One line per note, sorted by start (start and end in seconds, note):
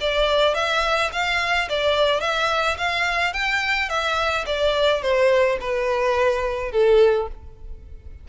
0.00 0.54 D5
0.54 1.10 E5
1.12 1.68 F5
1.69 2.20 D5
2.20 2.76 E5
2.77 3.33 F5
3.33 3.89 G5
3.89 4.45 E5
4.46 5.02 D5
5.02 5.58 C5
5.60 6.71 B4
6.71 7.27 A4